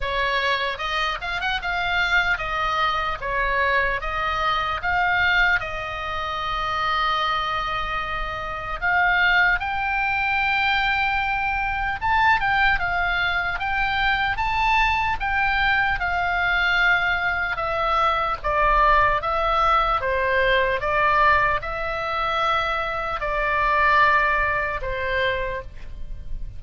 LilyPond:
\new Staff \with { instrumentName = "oboe" } { \time 4/4 \tempo 4 = 75 cis''4 dis''8 f''16 fis''16 f''4 dis''4 | cis''4 dis''4 f''4 dis''4~ | dis''2. f''4 | g''2. a''8 g''8 |
f''4 g''4 a''4 g''4 | f''2 e''4 d''4 | e''4 c''4 d''4 e''4~ | e''4 d''2 c''4 | }